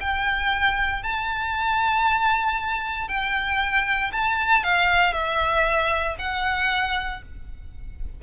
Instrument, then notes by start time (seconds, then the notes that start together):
violin
0.00 G5
1.03 A5
3.08 G5
4.12 A5
4.63 F5
5.13 E5
6.19 F#5